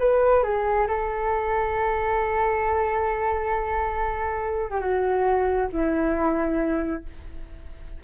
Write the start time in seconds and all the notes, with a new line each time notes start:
0.00 B4
0.44 G#4
0.88 A4
4.71 G4
4.81 F#4
5.73 E4